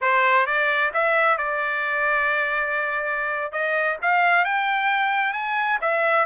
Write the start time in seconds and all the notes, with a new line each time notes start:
0.01 C5
0.46 D5
0.93 E5
1.37 D5
3.51 D#5
4.01 F5
4.44 G5
5.33 G#5
5.81 E5